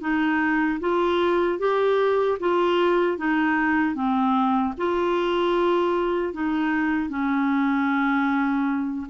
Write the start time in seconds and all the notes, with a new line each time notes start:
0.00 D#4
0.80 F4
1.59 G4
2.39 F4
3.17 D#4
3.94 C4
4.77 F4
6.33 D#4
7.09 C#4